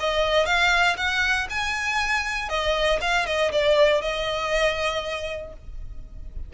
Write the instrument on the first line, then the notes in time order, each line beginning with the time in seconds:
violin
0.00 D#5
0.46 F5
0.97 F#5
1.50 G#5
2.49 D#5
3.01 F5
3.26 D#5
3.52 D5
4.02 D#5